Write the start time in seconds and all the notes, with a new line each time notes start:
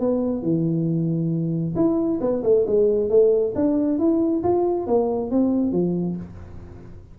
0.00 B3
0.42 E3
1.75 E4
2.21 B3
2.43 A3
2.67 G#3
3.10 A3
3.55 D4
3.99 E4
4.43 F4
4.87 A#3
5.31 C4
5.72 F3